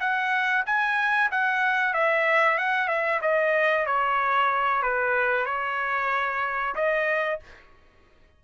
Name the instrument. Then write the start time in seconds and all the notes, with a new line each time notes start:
trumpet
0.00 F#5
0.66 G#5
1.31 F#5
1.93 E5
2.58 F#5
2.88 E5
3.21 D#5
3.86 C#5
4.82 B4
5.45 C#5
6.75 D#5